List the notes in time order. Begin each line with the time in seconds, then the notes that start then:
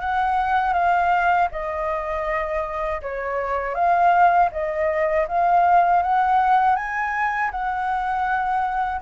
0.00 F#5
0.73 F5
1.51 D#5
3.01 C#5
3.74 F5
4.51 D#5
5.27 F5
6.02 F#5
6.75 G#5
7.51 F#5